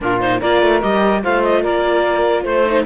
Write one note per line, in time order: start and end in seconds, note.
0.00 0.41 A#2
0.00 0.21 D4
0.00 0.39 F4
0.00 0.20 A#4
0.20 0.41 D#4
0.20 0.41 C5
0.39 0.62 A#3
0.39 0.81 F4
0.39 1.21 A#4
0.39 0.81 D5
0.62 0.82 A3
0.81 1.24 G3
0.81 1.22 G4
0.81 1.22 D#5
1.22 1.64 A3
1.22 2.65 F4
1.22 1.61 C5
1.22 1.43 F5
1.43 1.63 D#5
1.61 2.44 A#3
1.61 2.43 A#4
1.61 2.44 D5
2.43 2.85 A3
2.43 2.84 C5
2.43 2.85 C5
2.65 2.85 D#4